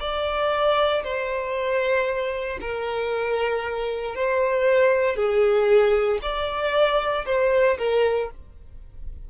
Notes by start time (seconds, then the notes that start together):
0.00 D5
1.04 C5
2.61 A#4
4.15 C5
5.16 G#4
6.22 D5
7.26 C5
7.78 A#4